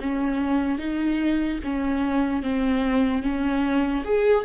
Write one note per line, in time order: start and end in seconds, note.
0.00 0.78 C#4
0.78 1.59 D#4
1.64 2.43 C#4
2.43 3.22 C4
3.22 4.03 C#4
4.04 4.44 G#4